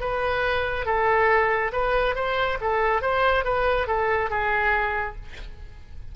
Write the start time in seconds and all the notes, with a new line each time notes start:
0.00 B4
0.86 A4
1.72 B4
2.15 C5
2.60 A4
3.01 C5
3.44 B4
3.87 A4
4.30 G#4